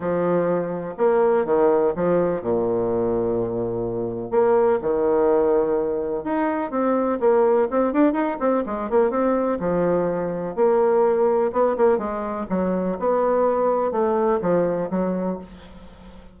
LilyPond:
\new Staff \with { instrumentName = "bassoon" } { \time 4/4 \tempo 4 = 125 f2 ais4 dis4 | f4 ais,2.~ | ais,4 ais4 dis2~ | dis4 dis'4 c'4 ais4 |
c'8 d'8 dis'8 c'8 gis8 ais8 c'4 | f2 ais2 | b8 ais8 gis4 fis4 b4~ | b4 a4 f4 fis4 | }